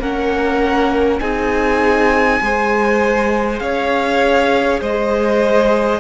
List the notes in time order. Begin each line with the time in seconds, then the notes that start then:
0.00 A#3 C#4 A#4 F#5
1.20 C4 D#4 G#4 G#5
2.41 G#3 G#4 C5
3.60 C#4 C#5 F5
4.80 G#3 C5 D#5